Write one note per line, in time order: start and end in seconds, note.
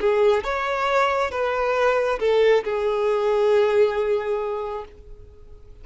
0.00 0.44 G#4
0.44 1.31 C#5
1.31 2.19 B4
2.19 2.64 A4
2.64 4.85 G#4